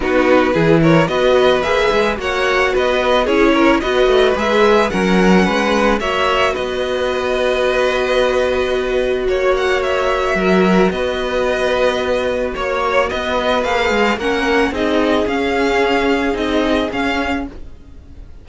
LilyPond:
<<
  \new Staff \with { instrumentName = "violin" } { \time 4/4 \tempo 4 = 110 b'4. cis''8 dis''4 e''4 | fis''4 dis''4 cis''4 dis''4 | e''4 fis''2 e''4 | dis''1~ |
dis''4 cis''8 fis''8 e''2 | dis''2. cis''4 | dis''4 f''4 fis''4 dis''4 | f''2 dis''4 f''4 | }
  \new Staff \with { instrumentName = "violin" } { \time 4/4 fis'4 gis'8 ais'8 b'2 | cis''4 b'4 gis'8 ais'8 b'4~ | b'4 ais'4 b'4 cis''4 | b'1~ |
b'4 cis''2 ais'4 | b'2. cis''4 | b'2 ais'4 gis'4~ | gis'1 | }
  \new Staff \with { instrumentName = "viola" } { \time 4/4 dis'4 e'4 fis'4 gis'4 | fis'2 e'4 fis'4 | gis'4 cis'2 fis'4~ | fis'1~ |
fis'1~ | fis'1~ | fis'4 gis'4 cis'4 dis'4 | cis'2 dis'4 cis'4 | }
  \new Staff \with { instrumentName = "cello" } { \time 4/4 b4 e4 b4 ais8 gis8 | ais4 b4 cis'4 b8 a8 | gis4 fis4 gis4 ais4 | b1~ |
b4 ais2 fis4 | b2. ais4 | b4 ais8 gis8 ais4 c'4 | cis'2 c'4 cis'4 | }
>>